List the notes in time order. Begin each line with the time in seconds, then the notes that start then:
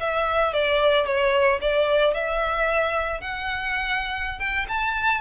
0.00 E5
0.53 D5
1.06 C#5
1.61 D5
2.14 E5
3.21 F#5
4.39 G5
4.68 A5